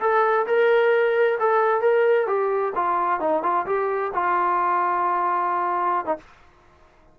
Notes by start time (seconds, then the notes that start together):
0.00 A4
0.47 A#4
1.39 A4
1.81 A#4
2.27 G4
2.75 F4
3.20 D#4
3.43 F4
3.66 G4
4.14 F4
6.06 D#4